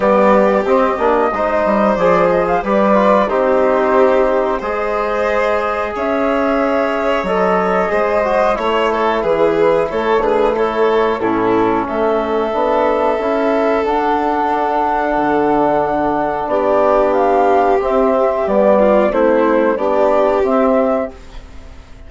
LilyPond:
<<
  \new Staff \with { instrumentName = "flute" } { \time 4/4 \tempo 4 = 91 d''4 dis''2 d''8 dis''16 f''16 | d''4 c''2 dis''4~ | dis''4 e''2 dis''4~ | dis''4 cis''4 b'4 cis''8 b'8 |
cis''4 a'4 e''2~ | e''4 fis''2.~ | fis''4 d''4 f''4 e''4 | d''4 c''4 d''4 e''4 | }
  \new Staff \with { instrumentName = "violin" } { \time 4/4 g'2 c''2 | b'4 g'2 c''4~ | c''4 cis''2. | c''4 cis''8 a'8 gis'4 a'8 gis'8 |
a'4 e'4 a'2~ | a'1~ | a'4 g'2.~ | g'8 f'8 e'4 g'2 | }
  \new Staff \with { instrumentName = "trombone" } { \time 4/4 b4 c'8 d'8 dis'4 gis'4 | g'8 f'8 dis'2 gis'4~ | gis'2. a'4 | gis'8 fis'8 e'2~ e'8 d'8 |
e'4 cis'2 d'4 | e'4 d'2.~ | d'2. c'4 | b4 c'4 d'4 c'4 | }
  \new Staff \with { instrumentName = "bassoon" } { \time 4/4 g4 c'8 ais8 gis8 g8 f4 | g4 c'2 gis4~ | gis4 cis'2 fis4 | gis4 a4 e4 a4~ |
a4 a,4 a4 b4 | cis'4 d'2 d4~ | d4 b2 c'4 | g4 a4 b4 c'4 | }
>>